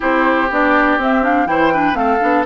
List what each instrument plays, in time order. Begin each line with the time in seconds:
0.00 bassoon C4, clarinet E4, oboe G4, flute C5
0.50 bassoon B3, clarinet D4, flute D5
0.97 bassoon C4, clarinet C4, flute E5
1.22 clarinet D4, flute F5
1.46 bassoon E3, clarinet E4, oboe C5, flute G5
1.73 clarinet D4, oboe B4
1.93 bassoon A3, clarinet C4, oboe A4, flute F5
2.20 bassoon B3, clarinet D4